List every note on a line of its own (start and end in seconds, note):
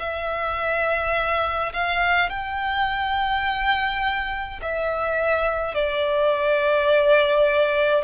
0.00 1.73 E5
1.74 2.30 F5
2.30 4.60 G5
4.63 5.75 E5
5.75 8.05 D5